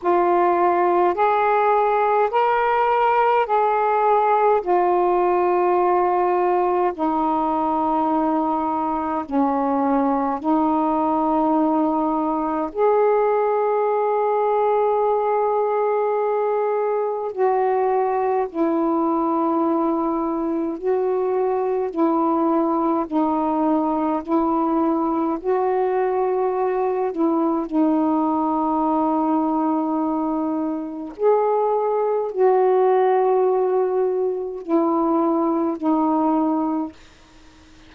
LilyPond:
\new Staff \with { instrumentName = "saxophone" } { \time 4/4 \tempo 4 = 52 f'4 gis'4 ais'4 gis'4 | f'2 dis'2 | cis'4 dis'2 gis'4~ | gis'2. fis'4 |
e'2 fis'4 e'4 | dis'4 e'4 fis'4. e'8 | dis'2. gis'4 | fis'2 e'4 dis'4 | }